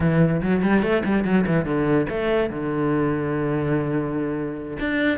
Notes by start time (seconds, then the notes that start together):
0.00 E3
0.42 F#3
0.62 G3
0.82 A3
1.05 G3
1.24 F#3
1.46 E3
1.65 D3
2.09 A3
2.50 D3
4.79 D4